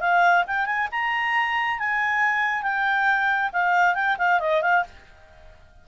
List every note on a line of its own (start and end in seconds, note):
0.00 0.44 F5
0.47 0.66 G5
0.66 0.88 G#5
0.91 1.79 A#5
1.79 2.62 G#5
2.62 3.51 G5
3.52 3.95 F5
3.95 4.17 G5
4.18 4.40 F5
4.40 4.62 D#5
4.62 4.84 F5